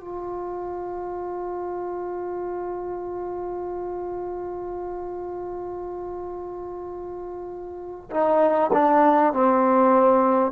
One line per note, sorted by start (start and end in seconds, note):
0.00 8.10 F4
8.11 8.71 D#4
8.73 9.33 D4
9.33 10.52 C4